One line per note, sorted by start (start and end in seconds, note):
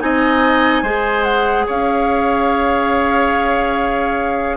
0.00 0.83 C4
0.00 0.84 D#4
0.00 0.83 D#5
0.00 1.23 G#5
0.83 1.66 G#3
0.83 4.57 G#4
0.83 1.66 C5
1.23 1.65 F#5
1.67 4.57 C#4
1.67 4.57 C#5
1.67 4.57 F5